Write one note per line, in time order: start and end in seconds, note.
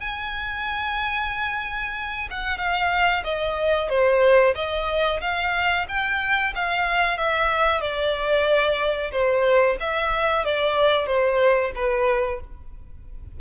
0.00 2.28 G#5
2.30 2.58 F#5
2.58 3.23 F5
3.24 3.89 D#5
3.89 4.54 C5
4.55 5.20 D#5
5.20 5.85 F5
5.88 6.53 G5
6.55 7.17 F5
7.17 7.81 E5
7.81 9.11 D5
9.12 9.77 C5
9.80 10.45 E5
10.45 11.06 D5
11.06 11.71 C5
11.75 12.40 B4